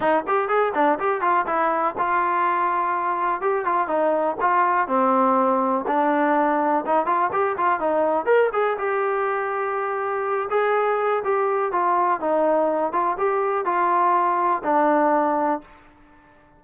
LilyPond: \new Staff \with { instrumentName = "trombone" } { \time 4/4 \tempo 4 = 123 dis'8 g'8 gis'8 d'8 g'8 f'8 e'4 | f'2. g'8 f'8 | dis'4 f'4 c'2 | d'2 dis'8 f'8 g'8 f'8 |
dis'4 ais'8 gis'8 g'2~ | g'4. gis'4. g'4 | f'4 dis'4. f'8 g'4 | f'2 d'2 | }